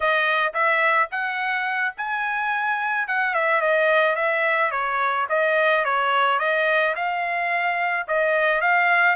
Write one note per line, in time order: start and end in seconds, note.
0.00 0.53 D#5
0.53 1.09 E5
1.11 1.94 F#5
1.97 3.07 G#5
3.07 3.34 F#5
3.34 3.61 E5
3.61 4.15 D#5
4.15 4.71 E5
4.71 5.26 C#5
5.29 5.84 D#5
5.85 6.39 C#5
6.39 6.94 D#5
6.95 8.06 F5
8.07 8.61 D#5
8.61 9.15 F5